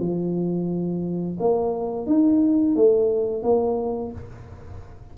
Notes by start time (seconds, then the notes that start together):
0.00 F3
1.40 A#3
2.07 D#4
2.76 A3
3.43 A#3